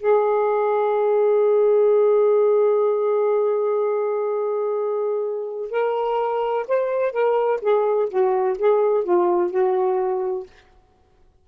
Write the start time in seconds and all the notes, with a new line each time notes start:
0.00 G#4
5.71 A#4
6.68 C5
7.12 A#4
7.61 G#4
8.10 F#4
8.58 G#4
9.04 F4
9.51 F#4